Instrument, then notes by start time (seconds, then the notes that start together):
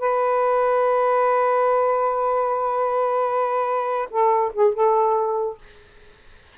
saxophone
0.00 B4
4.11 A4
4.54 G#4
4.75 A4